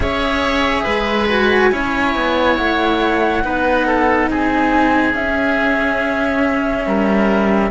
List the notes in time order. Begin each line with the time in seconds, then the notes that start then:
0.00 C#4 G#4 C#5 E5
0.83 G#3 B4
1.28 F#4 G#5
1.71 C#4 E4 C#5
2.15 B3
2.56 A3 F#5
3.43 B3 D#4 B4
3.86 A4
4.29 C4 G#4 G#5
5.13 C#4 E5
6.86 G3 A#4